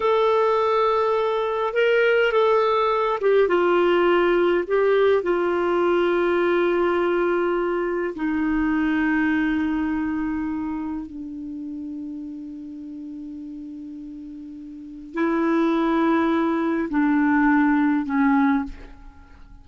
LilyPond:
\new Staff \with { instrumentName = "clarinet" } { \time 4/4 \tempo 4 = 103 a'2. ais'4 | a'4. g'8 f'2 | g'4 f'2.~ | f'2 dis'2~ |
dis'2. d'4~ | d'1~ | d'2 e'2~ | e'4 d'2 cis'4 | }